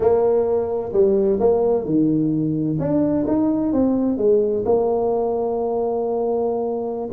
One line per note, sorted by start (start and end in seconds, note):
0.00 0.92 A#3
0.92 1.39 G3
1.40 1.85 A#3
1.85 2.78 D#3
2.79 3.25 D4
3.27 3.72 D#4
3.72 4.17 C4
4.17 4.64 G#3
4.65 7.09 A#3